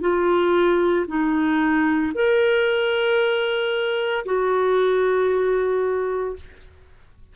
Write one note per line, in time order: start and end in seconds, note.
0.00 1.05 F4
1.07 2.12 D#4
2.14 4.24 A#4
4.25 6.35 F#4